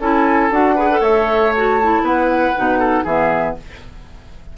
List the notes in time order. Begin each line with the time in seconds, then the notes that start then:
0.00 C#4 E4 A4 G#5
0.51 D4 F#4 F#5
0.76 G#4 B4
0.91 A4
1.01 A3 C#5 E5
1.55 F#4 A5
1.82 E4
2.02 B3 B4 F#5
2.56 B2 D#4
2.79 A4
3.04 E3 B3 G#4 E5